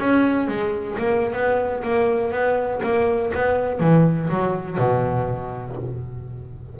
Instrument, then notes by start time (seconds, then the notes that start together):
double bass
0.00 C#4
0.48 G#3
0.98 A#3
1.34 B3
1.83 A#3
2.32 B3
2.83 A#3
3.34 B3
3.80 E3
4.29 F#3
4.78 B2